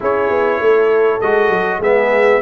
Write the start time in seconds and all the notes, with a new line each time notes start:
0.00 C#4 E4 G#4 C#5
0.29 B3
0.60 A3 A4
1.20 G#3 F#4 D#5
1.48 F#3
1.79 G#3 B3 G#4 E5